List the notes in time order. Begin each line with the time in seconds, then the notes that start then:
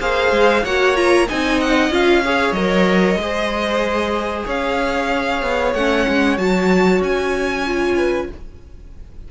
0.00 A#3 G#4 C5 F5
0.32 G#3
0.64 A#3 F#4 C#5 F#5
0.96 F4 A#5
1.28 C4 D#4 D#5 G#5
1.61 F#5
1.91 C#4 F4 F5
2.24 G#4 C#5
2.53 F#3 A#4 D#5
3.16 G#3 G#4
3.22 C5
4.46 C#4 C#5 F5
5.42 B3
5.74 A3 C#4 F#5
6.08 G#3
6.38 F#3 F#4 A5
7.01 C#4 G#5
7.66 F4
7.97 B4